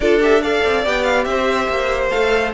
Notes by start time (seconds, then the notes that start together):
0.00 D4 F4 A4 D5
0.20 G4 E5
0.41 A4 D5 F5
0.64 C4
0.84 B3 G4 G5
1.03 F5
1.24 C4 C5 E5
1.68 A#3
2.10 A3 A4 F5